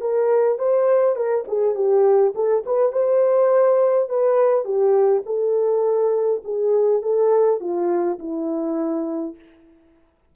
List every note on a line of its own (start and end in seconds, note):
0.00 0.58 A#4
0.58 1.15 C5
1.15 1.44 A#4
1.47 1.75 G#4
1.75 2.33 G4
2.34 2.63 A4
2.65 2.92 B4
2.92 4.09 C5
4.09 4.64 B4
4.64 5.22 G4
5.25 6.42 A4
6.44 7.02 G#4
7.02 7.60 A4
7.60 8.18 F4
8.18 9.35 E4